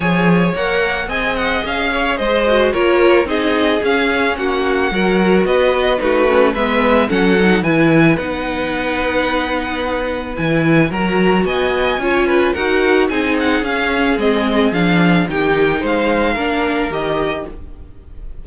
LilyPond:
<<
  \new Staff \with { instrumentName = "violin" } { \time 4/4 \tempo 4 = 110 gis''4 fis''4 gis''8 fis''8 f''4 | dis''4 cis''4 dis''4 f''4 | fis''2 dis''4 b'4 | e''4 fis''4 gis''4 fis''4~ |
fis''2. gis''4 | ais''4 gis''2 fis''4 | gis''8 fis''8 f''4 dis''4 f''4 | g''4 f''2 dis''4 | }
  \new Staff \with { instrumentName = "violin" } { \time 4/4 cis''2 dis''4. cis''8 | c''4 ais'4 gis'2 | fis'4 ais'4 b'4 fis'4 | b'4 a'4 b'2~ |
b'1 | ais'4 dis''4 cis''8 b'8 ais'4 | gis'1 | g'4 c''4 ais'2 | }
  \new Staff \with { instrumentName = "viola" } { \time 4/4 gis'4 ais'4 gis'2~ | gis'8 fis'8 f'4 dis'4 cis'4~ | cis'4 fis'2 dis'8 cis'8 | b4 cis'8 dis'8 e'4 dis'4~ |
dis'2. e'4 | fis'2 f'4 fis'4 | dis'4 cis'4 c'4 d'4 | dis'2 d'4 g'4 | }
  \new Staff \with { instrumentName = "cello" } { \time 4/4 f4 ais4 c'4 cis'4 | gis4 ais4 c'4 cis'4 | ais4 fis4 b4 a4 | gis4 fis4 e4 b4~ |
b2. e4 | fis4 b4 cis'4 dis'4 | c'4 cis'4 gis4 f4 | dis4 gis4 ais4 dis4 | }
>>